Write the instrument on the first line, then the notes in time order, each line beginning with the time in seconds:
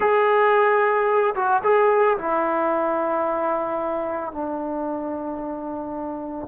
trombone
0.00 G#4
1.35 F#4
1.63 G#4
2.17 E4
4.32 D4